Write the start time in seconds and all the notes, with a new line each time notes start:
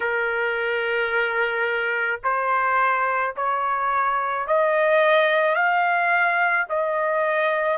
0.00 A#4
2.23 C5
3.36 C#5
4.47 D#5
5.55 F5
6.69 D#5